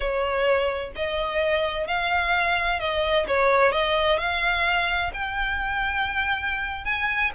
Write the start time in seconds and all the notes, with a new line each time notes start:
0.00 C#5
0.95 D#5
1.87 F5
2.79 D#5
3.27 C#5
3.72 D#5
4.18 F5
5.13 G5
6.84 G#5